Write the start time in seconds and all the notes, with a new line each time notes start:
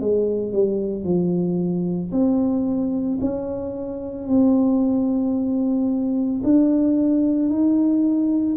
0.00 G#3
0.53 G3
1.04 F3
2.12 C4
3.21 C#4
4.28 C4
6.44 D4
7.50 D#4